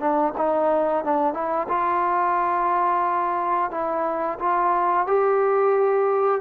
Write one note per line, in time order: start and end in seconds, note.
0.00 0.34 D4
0.38 1.05 D#4
1.05 1.34 D4
1.34 1.68 E4
1.69 3.71 F4
3.71 4.39 E4
4.40 5.07 F4
5.07 6.42 G4